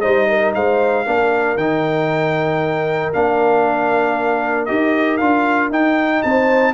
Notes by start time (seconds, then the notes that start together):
0.00 G3 D#4 C5 D#5
0.29 A#4
0.54 G#3 C5 F5
1.05 A#3 D4 A#4
1.56 D#3 D#4 G5
3.13 A#3 D4 F5
4.65 D#4 G4 D#5
5.17 D4 F4 F5
5.69 D#4 G5
6.22 C4 C5 A5